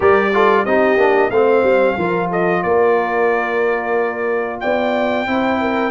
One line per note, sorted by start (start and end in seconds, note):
0.00 0.65 G3
0.00 0.31 G4
0.00 0.33 A#4
0.00 0.65 D5
0.33 0.66 F4
0.33 0.66 A4
0.65 0.97 C4
0.65 0.98 D#4
0.65 1.30 G4
0.65 1.30 D#5
0.97 1.30 A#3
0.97 1.31 D4
1.30 1.63 A3
1.30 1.98 C4
1.30 1.96 C5
1.30 2.29 F5
1.63 1.96 G3
1.97 2.63 F3
1.97 5.27 F4
1.97 2.29 A#4
2.29 2.62 A4
2.29 2.62 D#5
2.62 4.61 A#3
2.62 4.61 A#4
2.62 4.60 D5
4.60 5.26 B3
4.60 5.27 D5
4.60 5.91 G5
5.26 5.91 C4
5.26 5.91 E4
5.26 5.60 C5
5.60 5.91 A#4